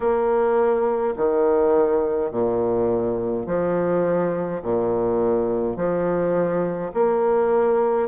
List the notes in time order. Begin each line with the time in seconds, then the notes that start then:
0.00 A#3
1.16 D#3
2.31 A#2
3.46 F3
4.62 A#2
5.76 F3
6.93 A#3